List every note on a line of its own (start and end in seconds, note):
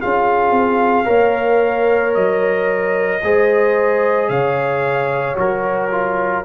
0.00 0.51 C#4
0.00 1.05 F4
0.00 1.06 G#4
0.00 2.14 F5
0.51 1.05 C4
1.05 2.15 A#3
1.05 3.19 A#4
1.05 3.21 C#5
2.14 3.22 F#3
2.14 4.29 D#5
3.23 4.29 G#3
3.23 5.35 G#4
3.23 4.30 C5
4.29 5.36 C#3
4.29 6.44 C#5
4.29 5.36 F5
5.35 6.44 F#3
5.35 5.88 F#4
5.35 6.44 A#4
5.91 6.44 F4